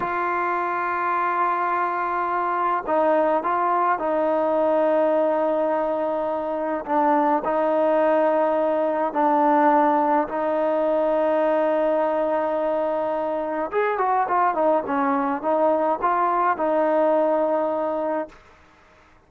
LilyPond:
\new Staff \with { instrumentName = "trombone" } { \time 4/4 \tempo 4 = 105 f'1~ | f'4 dis'4 f'4 dis'4~ | dis'1 | d'4 dis'2. |
d'2 dis'2~ | dis'1 | gis'8 fis'8 f'8 dis'8 cis'4 dis'4 | f'4 dis'2. | }